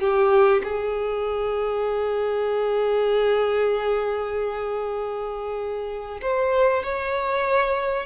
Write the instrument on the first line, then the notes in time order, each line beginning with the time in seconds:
violin
0.00 G4
0.64 G#4
6.21 C5
6.83 C#5